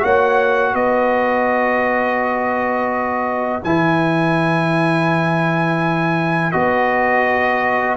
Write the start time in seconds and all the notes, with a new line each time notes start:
0.00 A#3 F#4 C#5 F#5
0.73 B3 B4 D#5
3.64 E3 E4 G#5
6.51 B3 F#4 D#5